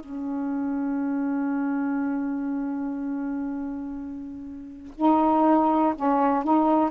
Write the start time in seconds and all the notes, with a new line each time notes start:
0.00 C#4
4.96 D#4
5.96 C#4
6.44 D#4